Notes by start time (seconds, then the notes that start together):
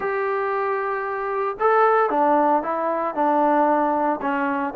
0.00 G4
1.59 A4
2.10 D4
2.62 E4
3.14 D4
4.21 C#4